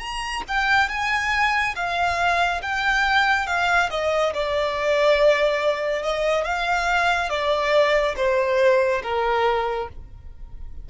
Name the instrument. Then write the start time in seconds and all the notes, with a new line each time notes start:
violin
0.00 A#5
0.48 G5
0.89 G#5
1.76 F5
2.62 G5
3.47 F5
3.91 D#5
4.34 D5
6.03 D#5
6.45 F5
7.30 D5
8.17 C5
9.03 A#4